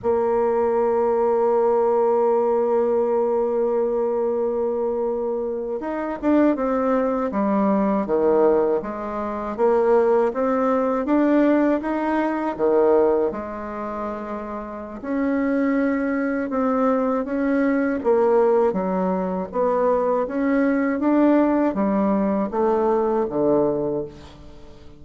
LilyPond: \new Staff \with { instrumentName = "bassoon" } { \time 4/4 \tempo 4 = 80 ais1~ | ais2.~ ais8. dis'16~ | dis'16 d'8 c'4 g4 dis4 gis16~ | gis8. ais4 c'4 d'4 dis'16~ |
dis'8. dis4 gis2~ gis16 | cis'2 c'4 cis'4 | ais4 fis4 b4 cis'4 | d'4 g4 a4 d4 | }